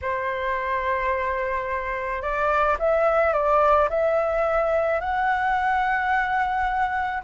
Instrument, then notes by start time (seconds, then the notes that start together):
flute
0.02 C5
2.21 D5
2.79 E5
3.33 D5
3.89 E5
5.00 F#5